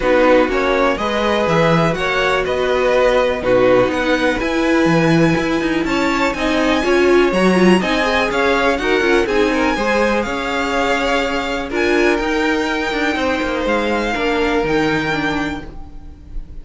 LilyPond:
<<
  \new Staff \with { instrumentName = "violin" } { \time 4/4 \tempo 4 = 123 b'4 cis''4 dis''4 e''4 | fis''4 dis''2 b'4 | fis''4 gis''2. | a''4 gis''2 ais''4 |
gis''4 f''4 fis''4 gis''4~ | gis''4 f''2. | gis''4 g''2. | f''2 g''2 | }
  \new Staff \with { instrumentName = "violin" } { \time 4/4 fis'2 b'2 | cis''4 b'2 fis'4 | b'1 | cis''4 dis''4 cis''2 |
dis''4 cis''4 ais'4 gis'8 ais'8 | c''4 cis''2. | ais'2. c''4~ | c''4 ais'2. | }
  \new Staff \with { instrumentName = "viola" } { \time 4/4 dis'4 cis'4 gis'2 | fis'2. dis'4~ | dis'4 e'2.~ | e'4 dis'4 f'4 fis'8 f'8 |
dis'8 gis'4. fis'8 f'8 dis'4 | gis'1 | f'4 dis'2.~ | dis'4 d'4 dis'4 d'4 | }
  \new Staff \with { instrumentName = "cello" } { \time 4/4 b4 ais4 gis4 e4 | ais4 b2 b,4 | b4 e'4 e4 e'8 dis'8 | cis'4 c'4 cis'4 fis4 |
c'4 cis'4 dis'8 cis'8 c'4 | gis4 cis'2. | d'4 dis'4. d'8 c'8 ais8 | gis4 ais4 dis2 | }
>>